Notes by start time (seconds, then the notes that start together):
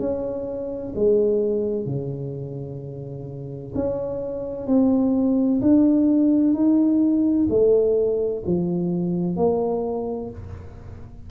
0.00 C#4
0.95 G#3
1.86 C#3
3.75 C#4
4.67 C4
5.62 D4
6.54 D#4
7.50 A3
8.46 F3
9.37 A#3